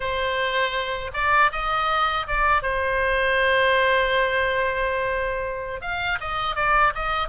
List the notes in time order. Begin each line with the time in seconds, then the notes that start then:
0.00 C5
1.13 D5
1.51 D#5
2.27 D5
2.62 C5
5.81 F5
6.20 D#5
6.55 D5
6.94 D#5